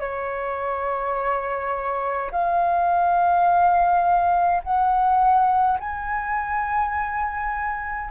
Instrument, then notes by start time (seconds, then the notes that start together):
flute
0.00 C#5
2.32 F5
4.64 F#5
5.80 G#5